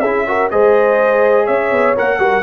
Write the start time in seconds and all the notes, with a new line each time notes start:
0.00 C#4 E4 G#4 E5
0.27 F#4 A#4
0.50 G#3 G#4 C5 D#5
1.45 C#4 C#5 E5
1.71 B3
1.96 A#3 A#4 F#5
2.18 G3 F#4 A#4